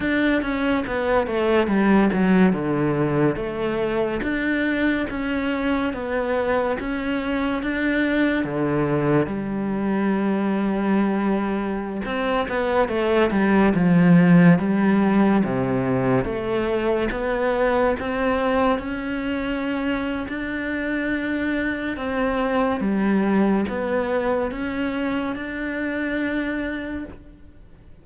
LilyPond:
\new Staff \with { instrumentName = "cello" } { \time 4/4 \tempo 4 = 71 d'8 cis'8 b8 a8 g8 fis8 d4 | a4 d'4 cis'4 b4 | cis'4 d'4 d4 g4~ | g2~ g16 c'8 b8 a8 g16~ |
g16 f4 g4 c4 a8.~ | a16 b4 c'4 cis'4.~ cis'16 | d'2 c'4 g4 | b4 cis'4 d'2 | }